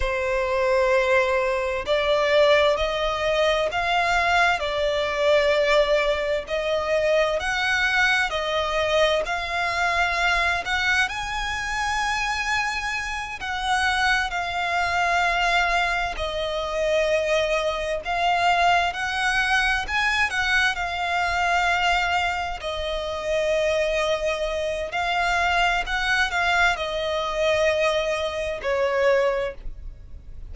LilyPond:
\new Staff \with { instrumentName = "violin" } { \time 4/4 \tempo 4 = 65 c''2 d''4 dis''4 | f''4 d''2 dis''4 | fis''4 dis''4 f''4. fis''8 | gis''2~ gis''8 fis''4 f''8~ |
f''4. dis''2 f''8~ | f''8 fis''4 gis''8 fis''8 f''4.~ | f''8 dis''2~ dis''8 f''4 | fis''8 f''8 dis''2 cis''4 | }